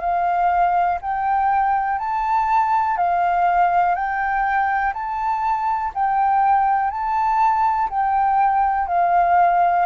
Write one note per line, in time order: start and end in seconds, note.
0.00 0.98 F5
1.01 1.99 G5
1.99 2.97 A5
2.97 3.94 F5
3.94 4.93 G5
4.93 5.92 A5
5.94 6.90 G5
6.90 7.89 A5
7.90 8.87 G5
8.87 9.85 F5